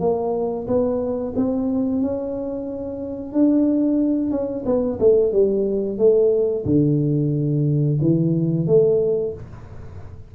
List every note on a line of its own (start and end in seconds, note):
0.00 0.67 A#3
0.67 1.34 B3
1.36 2.02 C4
2.02 3.33 C#4
3.33 4.31 D4
4.31 4.64 C#4
4.65 4.99 B3
4.99 5.32 A3
5.32 5.98 G3
5.98 6.65 A3
6.65 7.98 D3
8.01 8.67 E3
8.67 9.34 A3